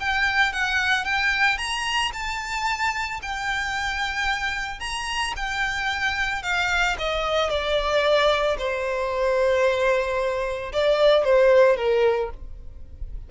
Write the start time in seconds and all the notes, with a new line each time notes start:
0.00 G5
0.52 F#5
1.04 G5
1.58 A#5
2.13 A5
3.22 G5
4.80 A#5
5.36 G5
6.43 F5
6.99 D#5
7.50 D5
8.58 C5
10.72 D5
11.24 C5
11.77 A#4